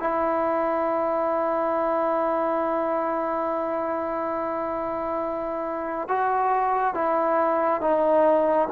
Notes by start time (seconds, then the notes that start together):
0.00 E4
6.08 F#4
6.94 E4
7.81 D#4